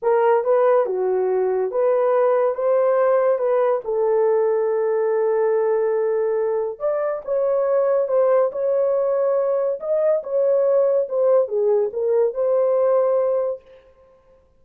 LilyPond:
\new Staff \with { instrumentName = "horn" } { \time 4/4 \tempo 4 = 141 ais'4 b'4 fis'2 | b'2 c''2 | b'4 a'2.~ | a'1 |
d''4 cis''2 c''4 | cis''2. dis''4 | cis''2 c''4 gis'4 | ais'4 c''2. | }